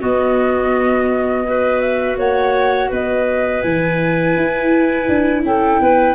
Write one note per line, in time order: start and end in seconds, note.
0.00 1.45 B3
0.00 2.18 B3
0.00 1.45 F#4
0.00 1.80 D#5
1.46 3.64 F#4
1.46 2.18 B4
1.80 2.16 E5
2.18 2.90 A#3
2.18 2.89 C#5
2.18 2.91 F#5
2.89 3.64 B3
2.89 5.42 B4
2.89 3.61 D#5
3.61 4.36 E3
3.61 6.15 E4
3.61 5.42 G#5
4.36 5.08 E4
5.08 5.44 D4
5.44 5.80 C#4
5.44 5.81 A4
5.44 6.15 G5
5.80 6.15 B3
5.80 6.15 B4